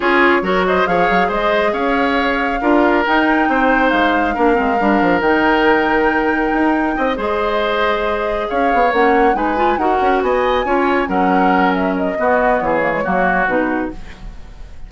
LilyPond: <<
  \new Staff \with { instrumentName = "flute" } { \time 4/4 \tempo 4 = 138 cis''4. dis''8 f''4 dis''4 | f''2. g''4~ | g''4 f''2. | g''1~ |
g''8 dis''2. f''8~ | f''8 fis''4 gis''4 fis''4 gis''8~ | gis''4. fis''4. e''8 dis''8~ | dis''4 cis''2 b'4 | }
  \new Staff \with { instrumentName = "oboe" } { \time 4/4 gis'4 ais'8 c''8 cis''4 c''4 | cis''2 ais'2 | c''2 ais'2~ | ais'1 |
dis''8 c''2. cis''8~ | cis''4. b'4 ais'4 dis''8~ | dis''8 cis''4 ais'2~ ais'8 | fis'4 gis'4 fis'2 | }
  \new Staff \with { instrumentName = "clarinet" } { \time 4/4 f'4 fis'4 gis'2~ | gis'2 f'4 dis'4~ | dis'2 d'8 c'8 d'4 | dis'1~ |
dis'8 gis'2.~ gis'8~ | gis'8 cis'4 dis'8 f'8 fis'4.~ | fis'8 f'4 cis'2~ cis'8 | b4. ais16 gis16 ais4 dis'4 | }
  \new Staff \with { instrumentName = "bassoon" } { \time 4/4 cis'4 fis4 f8 fis8 gis4 | cis'2 d'4 dis'4 | c'4 gis4 ais8 gis8 g8 f8 | dis2. dis'4 |
c'8 gis2. cis'8 | b8 ais4 gis4 dis'8 cis'8 b8~ | b8 cis'4 fis2~ fis8 | b4 e4 fis4 b,4 | }
>>